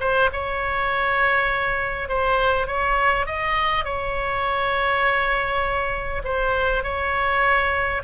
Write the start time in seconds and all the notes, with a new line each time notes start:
0.00 C5
0.32 C#5
2.09 C5
2.67 C#5
3.26 D#5
3.84 C#5
6.24 C5
6.83 C#5